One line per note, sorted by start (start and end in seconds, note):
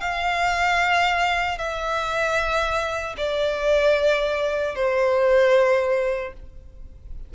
0.00 1.58 F5
1.58 3.15 E5
3.17 4.75 D5
4.75 6.33 C5